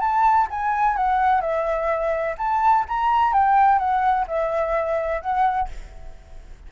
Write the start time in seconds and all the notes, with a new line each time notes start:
0.00 A5
0.50 G#5
0.96 F#5
1.41 E5
2.38 A5
2.88 A#5
3.33 G5
3.78 F#5
4.27 E5
5.21 F#5